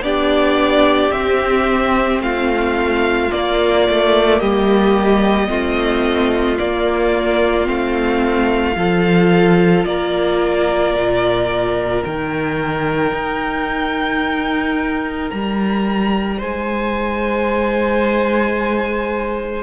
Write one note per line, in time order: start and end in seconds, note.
0.00 1.09 B3
0.00 1.12 D4
0.00 2.22 G4
0.00 1.11 D5
1.11 3.30 C4
1.11 2.19 C4
1.11 2.20 E5
2.19 3.28 A3
2.19 4.39 F4
2.19 3.31 F5
3.30 5.48 A#3
3.30 3.88 A#3
3.30 4.39 D5
3.88 4.40 A3
4.39 5.49 G3
4.39 5.48 G4
4.39 6.57 D#5
5.48 6.58 A3
5.48 6.57 C4
5.48 8.76 F4
6.57 7.65 A#3
6.57 7.67 A#3
6.57 7.67 D5
7.65 8.75 A3
7.65 8.74 C4
7.65 9.85 F5
8.75 9.85 F3
8.75 12.02 F4
8.75 9.87 A4
9.85 10.94 A#3
9.85 16.37 A#4
9.85 12.03 D5
10.94 12.03 A#2
12.02 13.12 D#3
12.02 19.63 D#4
12.02 15.30 G5
13.12 15.30 D#4
15.30 16.41 G3
15.30 16.39 A#5
16.37 19.63 G#3
16.37 19.63 C5
16.37 19.63 G#5